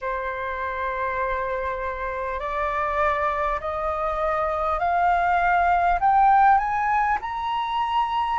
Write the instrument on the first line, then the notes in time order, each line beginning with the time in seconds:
flute
0.01 C5
2.39 D5
3.60 D#5
4.79 F5
6.00 G5
6.58 G#5
7.21 A#5